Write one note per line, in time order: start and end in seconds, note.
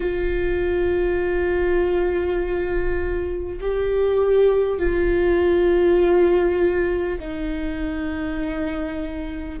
0.00 3.59 F4
3.60 4.78 G4
4.78 7.18 F4
7.19 9.59 D#4